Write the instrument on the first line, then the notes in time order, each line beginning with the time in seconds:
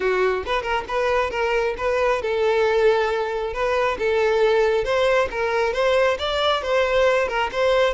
violin
0.00 F#4
0.46 B4
0.62 A#4
0.87 B4
1.30 A#4
1.77 B4
2.22 A4
3.53 B4
3.98 A4
4.84 C5
5.30 A#4
5.73 C5
6.18 D5
6.62 C5
7.28 A#4
7.52 C5